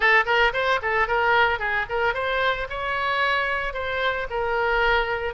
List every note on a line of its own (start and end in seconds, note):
0.00 0.24 A4
0.25 0.52 A#4
0.53 0.80 C5
0.82 1.07 A4
1.07 1.59 A#4
1.59 1.86 G#4
1.89 2.14 A#4
2.14 2.67 C5
2.69 3.73 C#5
3.73 4.27 C5
4.30 5.34 A#4